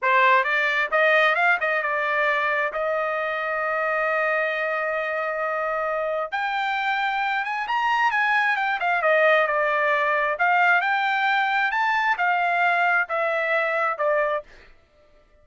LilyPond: \new Staff \with { instrumentName = "trumpet" } { \time 4/4 \tempo 4 = 133 c''4 d''4 dis''4 f''8 dis''8 | d''2 dis''2~ | dis''1~ | dis''2 g''2~ |
g''8 gis''8 ais''4 gis''4 g''8 f''8 | dis''4 d''2 f''4 | g''2 a''4 f''4~ | f''4 e''2 d''4 | }